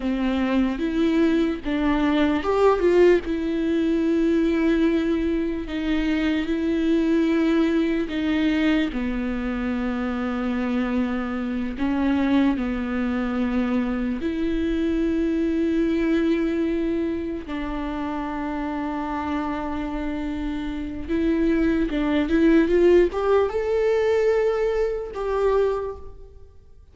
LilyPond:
\new Staff \with { instrumentName = "viola" } { \time 4/4 \tempo 4 = 74 c'4 e'4 d'4 g'8 f'8 | e'2. dis'4 | e'2 dis'4 b4~ | b2~ b8 cis'4 b8~ |
b4. e'2~ e'8~ | e'4. d'2~ d'8~ | d'2 e'4 d'8 e'8 | f'8 g'8 a'2 g'4 | }